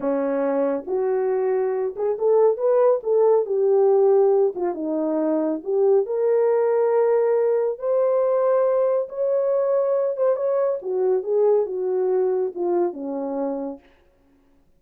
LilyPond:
\new Staff \with { instrumentName = "horn" } { \time 4/4 \tempo 4 = 139 cis'2 fis'2~ | fis'8 gis'8 a'4 b'4 a'4 | g'2~ g'8 f'8 dis'4~ | dis'4 g'4 ais'2~ |
ais'2 c''2~ | c''4 cis''2~ cis''8 c''8 | cis''4 fis'4 gis'4 fis'4~ | fis'4 f'4 cis'2 | }